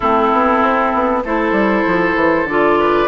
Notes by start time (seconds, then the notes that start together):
0.00 A3 C4 E4 A4
0.32 B3
0.61 C4
0.93 B3
1.24 A3 E4 A4 C5
1.51 G3
1.86 F3
2.15 E3
2.44 D3 F4 D5
2.79 B4